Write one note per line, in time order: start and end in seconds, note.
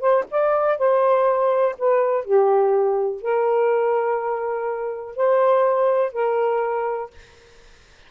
0.00 0.24 C5
0.31 0.78 D5
0.78 1.76 C5
1.78 2.25 B4
2.25 3.22 G4
3.22 5.16 A#4
5.16 6.13 C5
6.13 7.10 A#4